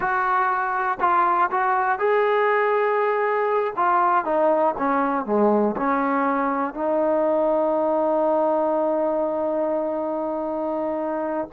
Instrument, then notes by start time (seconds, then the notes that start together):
trombone
0.00 F#4
1.00 F4
1.50 F#4
1.98 G#4
3.76 F4
4.24 D#4
4.77 C#4
5.25 G#3
5.76 C#4
6.73 D#4